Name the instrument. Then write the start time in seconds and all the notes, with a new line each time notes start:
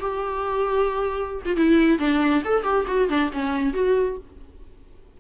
viola
0.00 G4
1.45 F4
1.56 E4
1.99 D4
2.44 A4
2.63 G4
2.87 F#4
3.09 D4
3.32 C#4
3.73 F#4